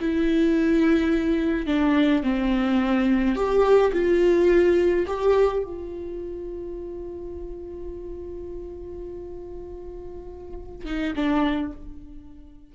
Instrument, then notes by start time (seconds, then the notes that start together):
viola
0.00 E4
1.66 D4
2.23 C4
3.36 G4
3.93 F4
5.07 G4
5.64 F4
10.85 D#4
11.16 D4